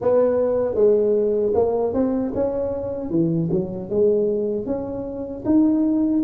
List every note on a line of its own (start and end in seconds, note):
0.01 0.74 B3
0.74 1.52 G#3
1.54 1.93 A#3
1.93 2.32 C4
2.34 3.10 C#4
3.10 3.49 E3
3.51 3.89 F#3
3.89 4.66 G#3
4.66 5.44 C#4
5.45 6.23 D#4